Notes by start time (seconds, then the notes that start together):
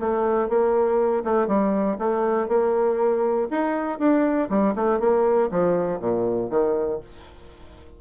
0.00 A3
0.49 A#3
1.25 A3
1.48 G3
1.99 A3
2.49 A#3
3.51 D#4
4.00 D4
4.50 G3
4.76 A3
5.00 A#3
5.52 F3
6.01 A#2
6.50 D#3